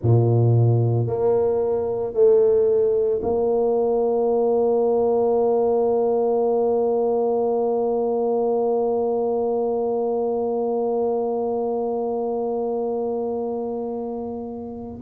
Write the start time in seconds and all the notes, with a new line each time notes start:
0.02 A#2
1.07 A#3
2.13 A3
3.22 A#3